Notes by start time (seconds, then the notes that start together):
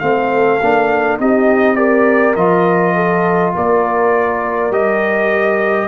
0.00 A3 C4 A4 F5
0.62 A#3 D4
1.19 C4 D#4 G4 D#5
1.75 G4 A#4 D5
2.36 F3 F4 D#5
2.95 A4
3.55 A#3 A#4 D5
4.71 G3 G4 D#5